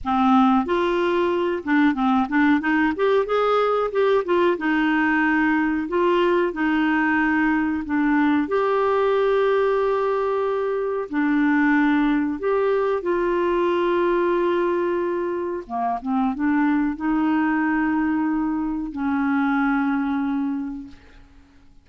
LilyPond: \new Staff \with { instrumentName = "clarinet" } { \time 4/4 \tempo 4 = 92 c'4 f'4. d'8 c'8 d'8 | dis'8 g'8 gis'4 g'8 f'8 dis'4~ | dis'4 f'4 dis'2 | d'4 g'2.~ |
g'4 d'2 g'4 | f'1 | ais8 c'8 d'4 dis'2~ | dis'4 cis'2. | }